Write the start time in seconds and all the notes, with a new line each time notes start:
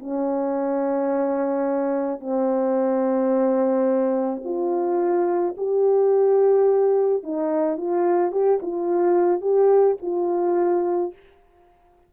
0.00 C#4
2.20 C4
4.45 F4
5.58 G4
7.24 D#4
7.78 F4
8.32 G4
8.63 F4
9.42 G4
10.03 F4